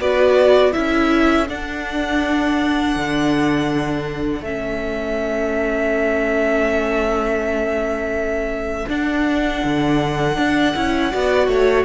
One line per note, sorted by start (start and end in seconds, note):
0.00 0.74 B3
0.00 0.72 F#4
0.00 0.74 B4
0.00 0.73 D5
0.72 1.49 C#4
0.72 1.46 E4
0.72 11.11 A4
0.72 1.47 E5
1.48 4.44 D4
1.48 2.96 D4
1.48 4.44 F#5
2.96 4.42 D3
4.42 8.86 A3
4.42 8.88 C#4
4.42 8.89 E5
8.88 10.74 D4
8.88 9.63 D4
8.88 11.86 F#5
9.64 10.38 D3
10.38 10.75 D4
10.75 11.13 C#4
10.75 11.12 E4
11.11 11.48 B3
11.11 11.86 F#4
11.11 11.48 D5
11.48 11.85 A3
11.48 11.86 C#5